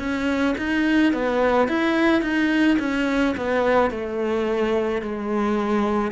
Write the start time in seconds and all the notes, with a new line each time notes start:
0.00 C#4
0.58 D#4
1.14 B3
1.69 E4
2.22 D#4
2.79 C#4
3.37 B3
3.91 A3
5.02 G#3